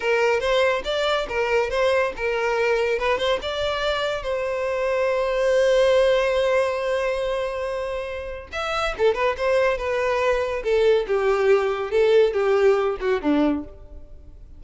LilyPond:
\new Staff \with { instrumentName = "violin" } { \time 4/4 \tempo 4 = 141 ais'4 c''4 d''4 ais'4 | c''4 ais'2 b'8 c''8 | d''2 c''2~ | c''1~ |
c''1 | e''4 a'8 b'8 c''4 b'4~ | b'4 a'4 g'2 | a'4 g'4. fis'8 d'4 | }